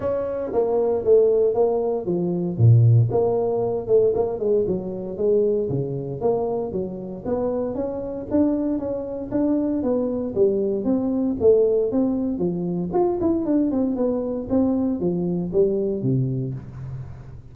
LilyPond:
\new Staff \with { instrumentName = "tuba" } { \time 4/4 \tempo 4 = 116 cis'4 ais4 a4 ais4 | f4 ais,4 ais4. a8 | ais8 gis8 fis4 gis4 cis4 | ais4 fis4 b4 cis'4 |
d'4 cis'4 d'4 b4 | g4 c'4 a4 c'4 | f4 f'8 e'8 d'8 c'8 b4 | c'4 f4 g4 c4 | }